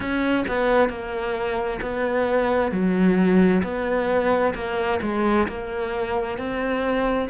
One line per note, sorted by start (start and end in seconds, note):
0.00 0.45 C#4
0.48 0.89 B3
0.89 1.80 A#3
1.81 2.71 B3
2.71 3.62 F#3
3.63 4.54 B3
4.54 5.00 A#3
5.02 5.47 G#3
5.48 6.38 A#3
6.38 7.29 C4